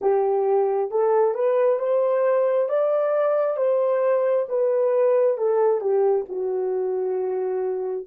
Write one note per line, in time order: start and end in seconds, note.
0.01 0.90 G4
0.90 1.34 A4
1.34 1.79 B4
1.79 2.68 C5
2.68 3.56 D5
3.56 4.46 C5
4.49 5.37 B4
5.37 5.80 A4
5.80 6.25 G4
6.28 8.06 F#4